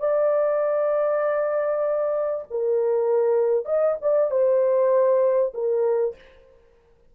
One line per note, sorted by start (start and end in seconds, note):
0.00 2.45 D5
2.51 3.66 A#4
3.66 3.96 D#5
4.02 4.31 D5
4.31 5.54 C5
5.54 6.15 A#4